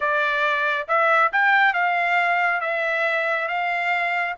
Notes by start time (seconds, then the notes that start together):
0.00 D5
0.88 E5
1.32 G5
1.74 F5
2.60 E5
3.47 F5